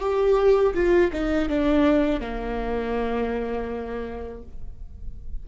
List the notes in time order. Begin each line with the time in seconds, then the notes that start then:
0.00 G4
0.74 F4
1.12 D#4
1.49 D4
2.21 A#3